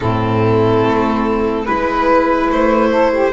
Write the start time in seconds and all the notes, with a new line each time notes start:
0.00 A2 C4 E4 A4
0.83 A3
1.64 G#3 E4 B4
2.50 A3 C5
2.91 A4
3.12 G4